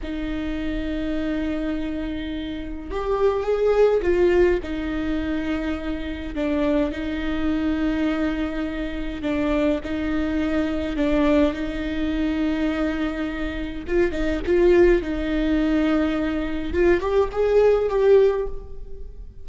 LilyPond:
\new Staff \with { instrumentName = "viola" } { \time 4/4 \tempo 4 = 104 dis'1~ | dis'4 g'4 gis'4 f'4 | dis'2. d'4 | dis'1 |
d'4 dis'2 d'4 | dis'1 | f'8 dis'8 f'4 dis'2~ | dis'4 f'8 g'8 gis'4 g'4 | }